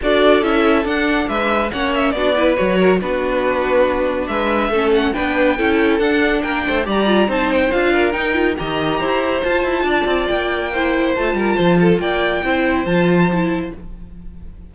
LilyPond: <<
  \new Staff \with { instrumentName = "violin" } { \time 4/4 \tempo 4 = 140 d''4 e''4 fis''4 e''4 | fis''8 e''8 d''4 cis''4 b'4~ | b'2 e''4. fis''8 | g''2 fis''4 g''4 |
ais''4 a''8 g''8 f''4 g''4 | ais''2 a''2 | g''2 a''2 | g''2 a''2 | }
  \new Staff \with { instrumentName = "violin" } { \time 4/4 a'2. b'4 | cis''4 fis'8 b'4 ais'8 fis'4~ | fis'2 b'4 a'4 | b'4 a'2 ais'8 c''8 |
d''4 c''4. ais'4. | dis''4 c''2 d''4~ | d''4 c''4. ais'8 c''8 a'8 | d''4 c''2. | }
  \new Staff \with { instrumentName = "viola" } { \time 4/4 fis'4 e'4 d'2 | cis'4 d'8 e'8 fis'4 d'4~ | d'2. cis'4 | d'4 e'4 d'2 |
g'8 f'8 dis'4 f'4 dis'8 f'8 | g'2 f'2~ | f'4 e'4 f'2~ | f'4 e'4 f'4 e'4 | }
  \new Staff \with { instrumentName = "cello" } { \time 4/4 d'4 cis'4 d'4 gis4 | ais4 b4 fis4 b4~ | b2 gis4 a4 | b4 cis'4 d'4 ais8 a8 |
g4 c'4 d'4 dis'4 | dis4 e'4 f'8 e'8 d'8 c'8 | ais2 a8 g8 f4 | ais4 c'4 f2 | }
>>